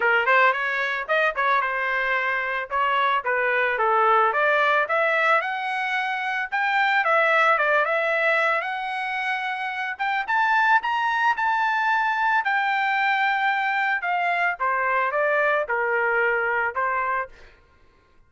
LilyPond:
\new Staff \with { instrumentName = "trumpet" } { \time 4/4 \tempo 4 = 111 ais'8 c''8 cis''4 dis''8 cis''8 c''4~ | c''4 cis''4 b'4 a'4 | d''4 e''4 fis''2 | g''4 e''4 d''8 e''4. |
fis''2~ fis''8 g''8 a''4 | ais''4 a''2 g''4~ | g''2 f''4 c''4 | d''4 ais'2 c''4 | }